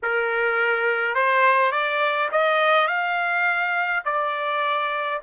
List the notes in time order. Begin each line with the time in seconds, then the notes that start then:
0.02 A#4
1.14 C5
1.71 D5
2.31 D#5
2.87 F5
4.04 D5